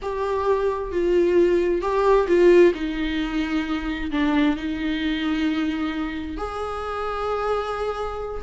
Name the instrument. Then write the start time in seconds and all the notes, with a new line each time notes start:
viola
0.02 G4
0.91 F4
1.81 G4
2.27 F4
2.74 D#4
4.11 D4
4.56 D#4
6.37 G#4